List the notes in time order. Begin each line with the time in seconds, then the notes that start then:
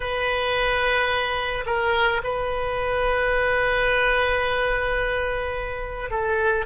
0.00 B4
1.66 A#4
2.23 B4
6.10 A4